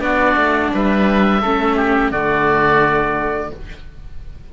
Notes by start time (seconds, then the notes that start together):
0.00 B3 D4 F#4 D5
0.36 A3
0.74 G3 B4 E5
1.41 A3 C#4 A4
1.76 G4
2.11 D3 A3 F#4 D5